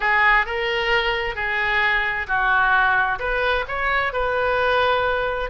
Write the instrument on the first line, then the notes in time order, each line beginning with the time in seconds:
oboe
0.00 G#4
0.46 A#4
1.35 G#4
2.27 F#4
3.19 B4
3.67 C#5
4.12 B4